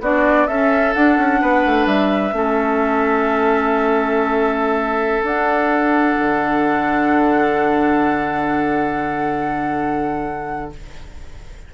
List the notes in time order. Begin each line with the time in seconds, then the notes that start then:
0.00 B3 D4 F#4 D5
0.47 C#4 A4 E5
0.93 D4 F#5
1.17 C#4
1.41 B3 B4
1.65 A3
1.86 G3 E5
2.32 A3 C#4 A4
5.22 D4 F#5
6.19 D3